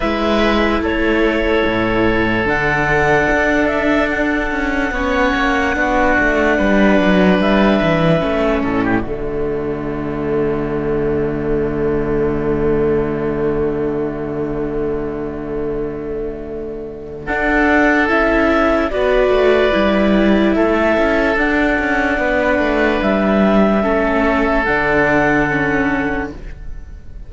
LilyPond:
<<
  \new Staff \with { instrumentName = "clarinet" } { \time 4/4 \tempo 4 = 73 e''4 cis''2 fis''4~ | fis''8 e''8 fis''2.~ | fis''4 e''4. d''4.~ | d''1~ |
d''1~ | d''4 fis''4 e''4 d''4~ | d''4 e''4 fis''2 | e''2 fis''2 | }
  \new Staff \with { instrumentName = "oboe" } { \time 4/4 b'4 a'2.~ | a'2 cis''4 fis'4 | b'2~ b'8 a'16 g'16 fis'4~ | fis'1~ |
fis'1~ | fis'4 a'2 b'4~ | b'4 a'2 b'4~ | b'4 a'2. | }
  \new Staff \with { instrumentName = "viola" } { \time 4/4 e'2. d'4~ | d'2 cis'4 d'4~ | d'2 cis'4 a4~ | a1~ |
a1~ | a4 d'4 e'4 fis'4 | e'2 d'2~ | d'4 cis'4 d'4 cis'4 | }
  \new Staff \with { instrumentName = "cello" } { \time 4/4 gis4 a4 a,4 d4 | d'4. cis'8 b8 ais8 b8 a8 | g8 fis8 g8 e8 a8 a,8 d4~ | d1~ |
d1~ | d4 d'4 cis'4 b8 a8 | g4 a8 cis'8 d'8 cis'8 b8 a8 | g4 a4 d2 | }
>>